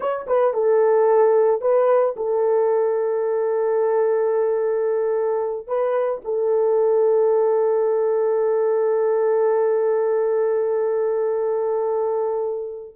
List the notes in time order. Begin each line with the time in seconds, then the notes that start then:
0.00 C#5
0.27 B4
0.53 A4
1.61 B4
2.16 A4
5.67 B4
6.24 A4